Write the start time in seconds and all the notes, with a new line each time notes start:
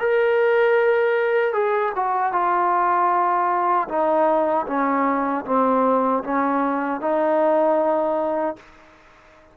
0.00 A#4
1.53 G#4
1.96 F#4
2.32 F4
3.89 D#4
4.67 C#4
5.45 C4
6.24 C#4
7.01 D#4